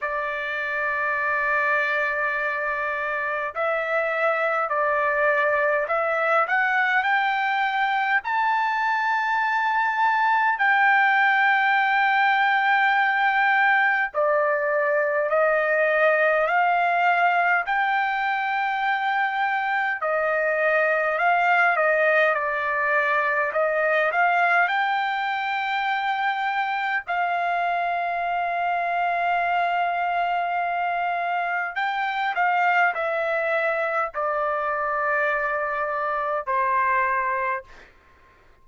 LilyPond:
\new Staff \with { instrumentName = "trumpet" } { \time 4/4 \tempo 4 = 51 d''2. e''4 | d''4 e''8 fis''8 g''4 a''4~ | a''4 g''2. | d''4 dis''4 f''4 g''4~ |
g''4 dis''4 f''8 dis''8 d''4 | dis''8 f''8 g''2 f''4~ | f''2. g''8 f''8 | e''4 d''2 c''4 | }